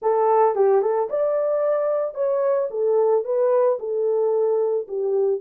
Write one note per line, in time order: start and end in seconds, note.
0.02 0.55 A4
0.55 0.81 G4
0.81 1.08 A4
1.09 2.14 D5
2.14 2.68 C#5
2.70 3.24 A4
3.24 3.78 B4
3.79 4.87 A4
4.87 5.40 G4